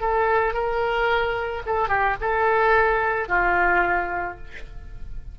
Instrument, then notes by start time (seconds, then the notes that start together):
oboe
0.00 A4
0.53 A#4
1.66 A4
1.88 G4
2.20 A4
3.28 F4